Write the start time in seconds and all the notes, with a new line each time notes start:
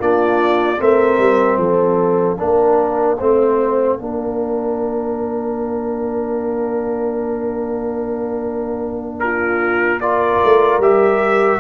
0.00 A#3 D4 F4 D5
0.78 A3 C4 A#4 E5
1.18 G3
1.58 F3 A4 F5
2.37 A#3 D4 A#4
3.18 A3 C4 C5
3.99 A#3 D4 A#4
9.20 F4 A#4
10.01 F4 A#4 D5
10.44 A3
10.79 G3 G4 E5